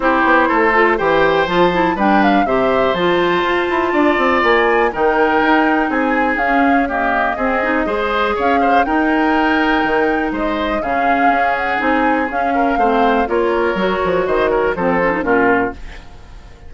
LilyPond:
<<
  \new Staff \with { instrumentName = "flute" } { \time 4/4 \tempo 4 = 122 c''2 g''4 a''4 | g''8 f''8 e''4 a''2~ | a''4 gis''4 g''2 | gis''4 f''4 dis''2~ |
dis''4 f''4 g''2~ | g''4 dis''4 f''4. fis''8 | gis''4 f''2 cis''4~ | cis''4 dis''8 cis''8 c''4 ais'4 | }
  \new Staff \with { instrumentName = "oboe" } { \time 4/4 g'4 a'4 c''2 | b'4 c''2. | d''2 ais'2 | gis'2 g'4 gis'4 |
c''4 cis''8 c''8 ais'2~ | ais'4 c''4 gis'2~ | gis'4. ais'8 c''4 ais'4~ | ais'4 c''8 ais'8 a'4 f'4 | }
  \new Staff \with { instrumentName = "clarinet" } { \time 4/4 e'4. f'8 g'4 f'8 e'8 | d'4 g'4 f'2~ | f'2 dis'2~ | dis'4 cis'4 ais4 c'8 dis'8 |
gis'2 dis'2~ | dis'2 cis'2 | dis'4 cis'4 c'4 f'4 | fis'2 c'8 cis'16 dis'16 cis'4 | }
  \new Staff \with { instrumentName = "bassoon" } { \time 4/4 c'8 b8 a4 e4 f4 | g4 c4 f4 f'8 e'8 | d'8 c'8 ais4 dis4 dis'4 | c'4 cis'2 c'4 |
gis4 cis'4 dis'2 | dis4 gis4 cis4 cis'4 | c'4 cis'4 a4 ais4 | fis8 f8 dis4 f4 ais,4 | }
>>